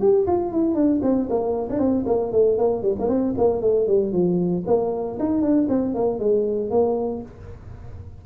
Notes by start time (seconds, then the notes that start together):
0.00 G4
0.26 F4
0.51 E4
0.74 D4
1.02 C4
1.29 A#3
1.69 D4
1.78 C4
2.06 A#3
2.32 A3
2.58 A#3
2.82 G3
2.98 A#3
3.08 C4
3.37 A#3
3.61 A3
3.87 G3
4.12 F3
4.66 A#3
5.19 D#4
5.41 D4
5.68 C4
5.94 A#3
6.19 G#3
6.70 A#3